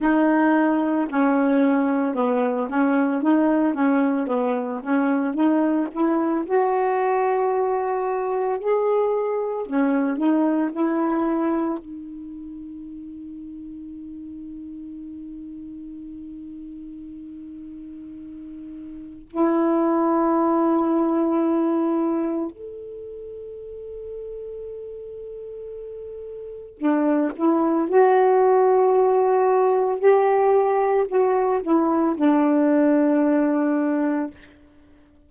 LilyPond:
\new Staff \with { instrumentName = "saxophone" } { \time 4/4 \tempo 4 = 56 dis'4 cis'4 b8 cis'8 dis'8 cis'8 | b8 cis'8 dis'8 e'8 fis'2 | gis'4 cis'8 dis'8 e'4 dis'4~ | dis'1~ |
dis'2 e'2~ | e'4 a'2.~ | a'4 d'8 e'8 fis'2 | g'4 fis'8 e'8 d'2 | }